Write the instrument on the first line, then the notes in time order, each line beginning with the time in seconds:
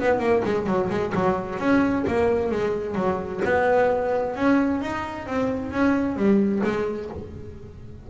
double bass
0.00 B3
0.20 A#3
0.45 G#3
0.67 F#3
0.90 G#3
1.15 F#3
1.59 C#4
2.08 A#3
2.51 G#3
2.95 F#3
3.45 B3
4.36 C#4
4.82 D#4
5.27 C4
5.72 C#4
6.16 G3
6.64 G#3